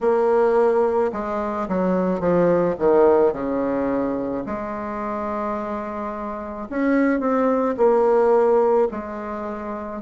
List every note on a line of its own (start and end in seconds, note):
0.00 1.11 A#3
1.12 1.68 G#3
1.68 2.19 F#3
2.19 2.75 F3
2.78 3.32 D#3
3.32 4.43 C#3
4.45 6.68 G#3
6.69 7.19 C#4
7.19 7.75 C4
7.77 8.88 A#3
8.91 10.02 G#3